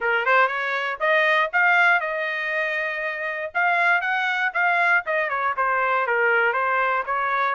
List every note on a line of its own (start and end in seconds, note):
0.00 0.25 A#4
0.25 0.47 C5
0.47 0.97 C#5
0.99 1.50 D#5
1.52 2.00 F5
2.00 3.51 D#5
3.54 4.01 F5
4.01 4.51 F#5
4.53 5.04 F5
5.06 5.29 D#5
5.29 5.54 C#5
5.56 6.06 C5
6.06 6.53 A#4
6.53 7.03 C5
7.06 7.54 C#5